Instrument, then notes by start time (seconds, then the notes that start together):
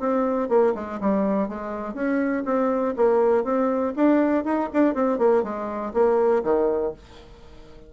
bassoon
0.00 C4
0.49 A#3
0.75 G#3
1.01 G3
1.49 G#3
1.94 C#4
2.45 C4
2.97 A#3
3.44 C4
3.96 D4
4.45 D#4
4.73 D4
4.95 C4
5.18 A#3
5.43 G#3
5.94 A#3
6.44 D#3